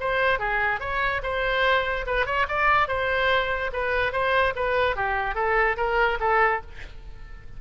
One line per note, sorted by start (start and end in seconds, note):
0.00 0.39 C5
0.39 0.80 G#4
0.80 1.22 C#5
1.23 2.06 C5
2.07 2.26 B4
2.26 2.47 C#5
2.48 2.88 D5
2.88 3.71 C5
3.73 4.12 B4
4.12 4.54 C5
4.56 4.96 B4
4.96 5.35 G4
5.35 5.76 A4
5.77 6.18 A#4
6.20 6.61 A4